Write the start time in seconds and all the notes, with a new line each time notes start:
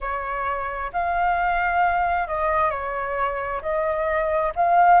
0.00 C#5
0.92 F5
2.27 D#5
2.70 C#5
3.62 D#5
4.55 F5